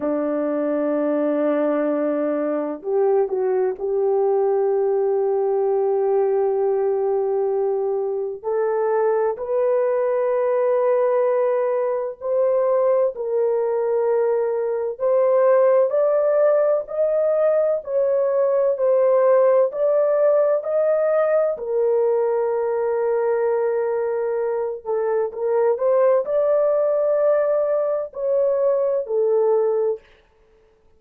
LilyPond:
\new Staff \with { instrumentName = "horn" } { \time 4/4 \tempo 4 = 64 d'2. g'8 fis'8 | g'1~ | g'4 a'4 b'2~ | b'4 c''4 ais'2 |
c''4 d''4 dis''4 cis''4 | c''4 d''4 dis''4 ais'4~ | ais'2~ ais'8 a'8 ais'8 c''8 | d''2 cis''4 a'4 | }